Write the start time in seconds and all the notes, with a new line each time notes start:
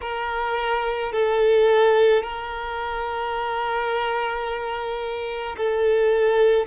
0.01 A#4
1.12 A4
2.22 A#4
5.57 A4